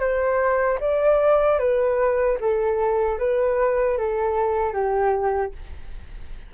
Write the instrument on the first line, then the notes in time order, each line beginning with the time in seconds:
flute
0.00 C5
0.80 D5
1.59 B4
2.40 A4
3.19 B4
3.98 A4
4.73 G4